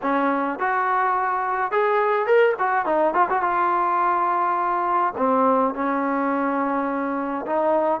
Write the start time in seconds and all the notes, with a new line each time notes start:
0.02 C#4
0.59 F#4
1.71 G#4
2.26 A#4
2.59 F#4
2.85 D#4
3.14 F4
3.29 F#4
3.42 F4
5.17 C4
5.74 C#4
7.46 D#4